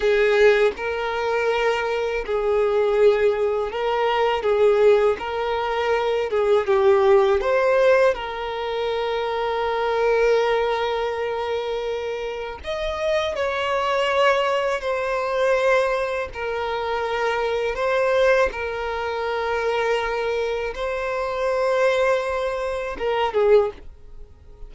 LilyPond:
\new Staff \with { instrumentName = "violin" } { \time 4/4 \tempo 4 = 81 gis'4 ais'2 gis'4~ | gis'4 ais'4 gis'4 ais'4~ | ais'8 gis'8 g'4 c''4 ais'4~ | ais'1~ |
ais'4 dis''4 cis''2 | c''2 ais'2 | c''4 ais'2. | c''2. ais'8 gis'8 | }